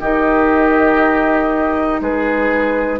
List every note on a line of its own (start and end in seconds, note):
0.00 2.00 D#3
0.00 3.00 D#4
0.00 2.00 G4
0.00 2.01 D#5
2.00 3.00 G#3
2.00 3.00 G#4
2.00 3.00 B4